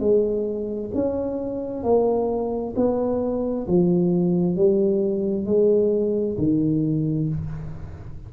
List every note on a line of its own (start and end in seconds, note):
0.00 0.91 G#3
0.95 1.83 C#4
1.83 2.74 A#3
2.76 3.67 B3
3.68 4.56 F3
4.56 5.46 G3
5.46 6.37 G#3
6.38 7.29 D#3